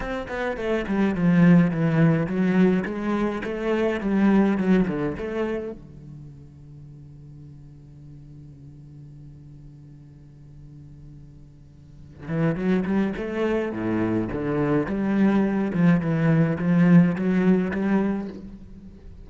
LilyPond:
\new Staff \with { instrumentName = "cello" } { \time 4/4 \tempo 4 = 105 c'8 b8 a8 g8 f4 e4 | fis4 gis4 a4 g4 | fis8 d8 a4 d2~ | d1~ |
d1~ | d4. e8 fis8 g8 a4 | a,4 d4 g4. f8 | e4 f4 fis4 g4 | }